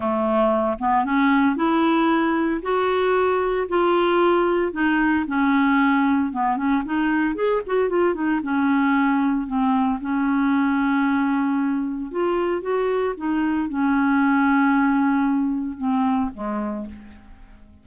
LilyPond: \new Staff \with { instrumentName = "clarinet" } { \time 4/4 \tempo 4 = 114 a4. b8 cis'4 e'4~ | e'4 fis'2 f'4~ | f'4 dis'4 cis'2 | b8 cis'8 dis'4 gis'8 fis'8 f'8 dis'8 |
cis'2 c'4 cis'4~ | cis'2. f'4 | fis'4 dis'4 cis'2~ | cis'2 c'4 gis4 | }